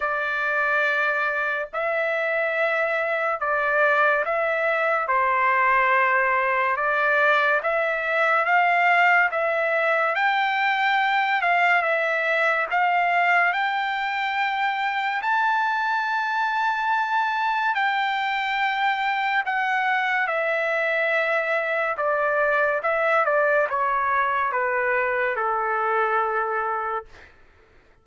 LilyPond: \new Staff \with { instrumentName = "trumpet" } { \time 4/4 \tempo 4 = 71 d''2 e''2 | d''4 e''4 c''2 | d''4 e''4 f''4 e''4 | g''4. f''8 e''4 f''4 |
g''2 a''2~ | a''4 g''2 fis''4 | e''2 d''4 e''8 d''8 | cis''4 b'4 a'2 | }